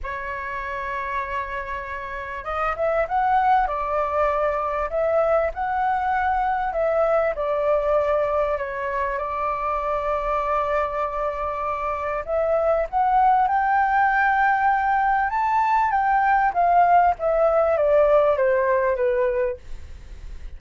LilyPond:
\new Staff \with { instrumentName = "flute" } { \time 4/4 \tempo 4 = 98 cis''1 | dis''8 e''8 fis''4 d''2 | e''4 fis''2 e''4 | d''2 cis''4 d''4~ |
d''1 | e''4 fis''4 g''2~ | g''4 a''4 g''4 f''4 | e''4 d''4 c''4 b'4 | }